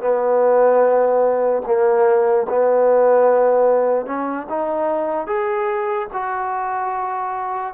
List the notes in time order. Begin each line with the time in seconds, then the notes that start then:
0.00 B3
1.65 A#3
2.49 B3
4.06 C#4
4.49 D#4
5.27 G#4
6.13 F#4